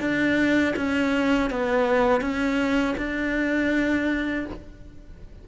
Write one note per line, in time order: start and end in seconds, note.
0.00 0.74 D4
0.76 1.50 C#4
1.50 2.21 B3
2.21 2.95 C#4
2.97 4.45 D4